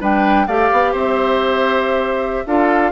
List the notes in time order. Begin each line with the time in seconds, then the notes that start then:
0.00 G3 D4 B4 G5
0.47 A3 G4 D5 F5
0.72 B3
0.92 C4 C5 E5
2.46 D4 F4 A4 F5